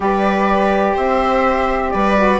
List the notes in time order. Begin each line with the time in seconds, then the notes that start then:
0.00 G3 G4 B4 D5
0.94 C4 C5 E5
1.90 G3 B4 D5
2.16 F#4